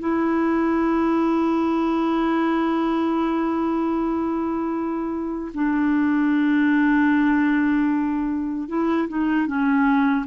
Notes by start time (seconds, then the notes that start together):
0.00 E4
5.54 D4
8.69 E4
9.09 D#4
9.47 C#4